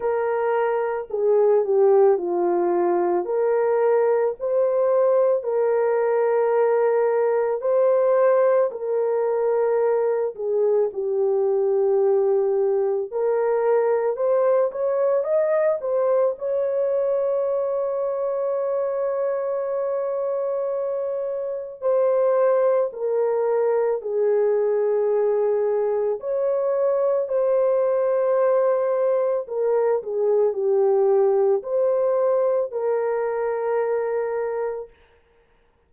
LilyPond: \new Staff \with { instrumentName = "horn" } { \time 4/4 \tempo 4 = 55 ais'4 gis'8 g'8 f'4 ais'4 | c''4 ais'2 c''4 | ais'4. gis'8 g'2 | ais'4 c''8 cis''8 dis''8 c''8 cis''4~ |
cis''1 | c''4 ais'4 gis'2 | cis''4 c''2 ais'8 gis'8 | g'4 c''4 ais'2 | }